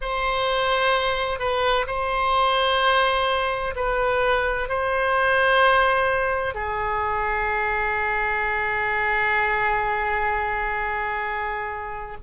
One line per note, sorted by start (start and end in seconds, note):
0.01 1.39 C5
1.39 1.86 B4
1.87 3.74 C5
3.75 4.69 B4
4.69 6.54 C5
6.54 12.16 G#4